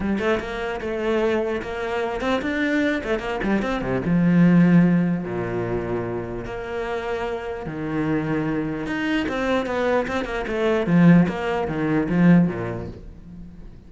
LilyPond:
\new Staff \with { instrumentName = "cello" } { \time 4/4 \tempo 4 = 149 g8 a8 ais4 a2 | ais4. c'8 d'4. a8 | ais8 g8 c'8 c8 f2~ | f4 ais,2. |
ais2. dis4~ | dis2 dis'4 c'4 | b4 c'8 ais8 a4 f4 | ais4 dis4 f4 ais,4 | }